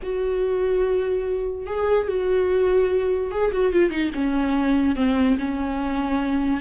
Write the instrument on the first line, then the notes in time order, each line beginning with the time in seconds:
viola
0.02 F#4
1.66 G#4
2.08 F#4
3.31 G#4
3.52 F#4
3.72 F4
3.90 D#4
4.14 C#4
4.95 C4
5.38 C#4